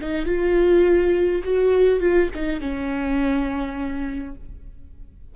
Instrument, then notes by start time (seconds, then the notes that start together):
viola
0.00 D#4
0.25 F4
1.43 F#4
1.99 F4
2.34 D#4
2.60 C#4